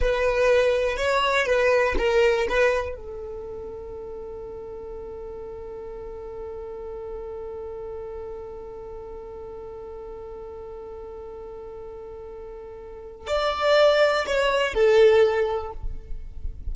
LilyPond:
\new Staff \with { instrumentName = "violin" } { \time 4/4 \tempo 4 = 122 b'2 cis''4 b'4 | ais'4 b'4 a'2~ | a'1~ | a'1~ |
a'1~ | a'1~ | a'2. d''4~ | d''4 cis''4 a'2 | }